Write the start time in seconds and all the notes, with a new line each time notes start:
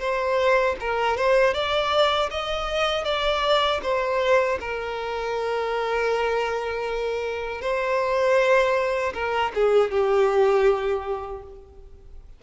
0.00 C5
0.80 A#4
1.17 C5
1.54 D5
2.31 D#5
3.05 D5
3.83 C5
4.61 A#4
7.62 C5
9.14 A#4
9.55 G#4
9.91 G4